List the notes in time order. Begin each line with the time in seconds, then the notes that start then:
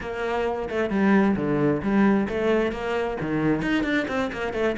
0.00 A#3
0.69 A3
0.90 G3
1.36 D3
1.82 G3
2.29 A3
2.71 A#3
3.20 D#3
3.62 D#4
3.83 D4
4.08 C4
4.32 A#3
4.53 A3